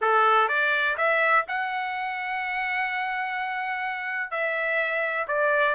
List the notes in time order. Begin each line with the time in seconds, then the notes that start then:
0.01 A4
0.48 D5
0.97 E5
1.48 F#5
4.30 E5
5.27 D5